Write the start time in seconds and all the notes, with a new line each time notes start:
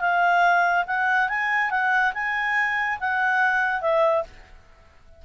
0.00 F5
0.86 F#5
1.28 G#5
1.70 F#5
2.14 G#5
3.00 F#5
3.81 E5